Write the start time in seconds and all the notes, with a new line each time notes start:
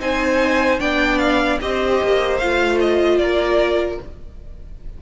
0.00 C4 D#4 C5 G#5
0.80 B3 D4 D5 G5
1.19 F5
1.62 C4 G4 C5 D#5
2.03 A#3
2.39 A3 F4 F5
2.81 D#5
3.18 A#3 A#4 D5